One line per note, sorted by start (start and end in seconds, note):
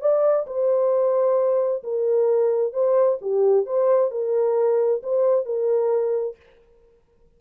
0.00 0.45 D5
0.46 1.83 C5
1.83 2.73 A#4
2.73 3.18 C5
3.21 3.65 G4
3.65 4.11 C5
4.11 5.01 A#4
5.02 5.45 C5
5.45 6.36 A#4